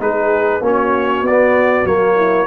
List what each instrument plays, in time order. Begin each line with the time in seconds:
0.00 tuba G#3, trombone D#4, horn G#4, trumpet B4
0.61 tuba A#3, trombone C#4, horn F#4
0.67 trumpet C#5
1.22 tuba B3, trumpet D5
1.30 trombone B3
1.86 tuba F#3, trombone A#3, trumpet C#5
2.16 horn E4